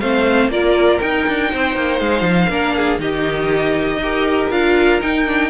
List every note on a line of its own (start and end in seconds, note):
0.00 0.48 A3
0.00 0.51 C4
0.00 0.51 C5
0.00 0.50 F5
0.48 0.98 A#3
0.48 1.01 F4
0.48 1.51 A#4
0.48 1.00 D5
1.00 2.50 D#4
1.00 1.27 D#4
1.00 1.99 G5
1.28 1.53 D4
1.51 1.76 C4
1.51 2.49 C5
1.76 2.00 A#3
1.99 2.21 G#3
1.99 2.99 F5
2.21 2.46 F3
2.49 2.98 A#3
2.49 2.99 D4
2.49 2.74 A#4
2.76 3.01 G#4
2.98 3.97 D#3
2.98 3.99 D#4
2.98 4.01 G4
2.98 4.51 D#5
3.97 4.47 D#4
3.97 4.51 G4
3.97 5.50 A#4
4.50 5.00 D4
4.50 5.01 F4
4.50 5.01 F5
5.01 5.26 D#4
5.01 5.50 D#4
5.01 5.50 G5
5.26 5.50 D4